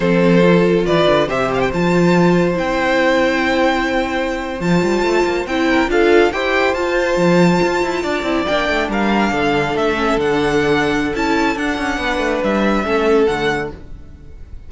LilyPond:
<<
  \new Staff \with { instrumentName = "violin" } { \time 4/4 \tempo 4 = 140 c''2 d''4 e''8 f''16 g''16 | a''2 g''2~ | g''2~ g''8. a''4~ a''16~ | a''8. g''4 f''4 g''4 a''16~ |
a''2.~ a''8. g''16~ | g''8. f''2 e''4 fis''16~ | fis''2 a''4 fis''4~ | fis''4 e''2 fis''4 | }
  \new Staff \with { instrumentName = "violin" } { \time 4/4 a'2 b'4 c''4~ | c''1~ | c''1~ | c''4~ c''16 ais'8 a'4 c''4~ c''16~ |
c''2~ c''8. d''4~ d''16~ | d''8. ais'4 a'2~ a'16~ | a'1 | b'2 a'2 | }
  \new Staff \with { instrumentName = "viola" } { \time 4/4 c'4 f'2 g'4 | f'2 e'2~ | e'2~ e'8. f'4~ f'16~ | f'8. e'4 f'4 g'4 f'16~ |
f'2.~ f'16 e'8 d'16~ | d'2.~ d'16 cis'8 d'16~ | d'2 e'4 d'4~ | d'2 cis'4 a4 | }
  \new Staff \with { instrumentName = "cello" } { \time 4/4 f2 e8 d8 c4 | f2 c'2~ | c'2~ c'8. f8 g8 a16~ | a16 ais8 c'4 d'4 e'4 f'16~ |
f'8. f4 f'8 e'8 d'8 c'8 ais16~ | ais16 a8 g4 d4 a4 d16~ | d2 cis'4 d'8 cis'8 | b8 a8 g4 a4 d4 | }
>>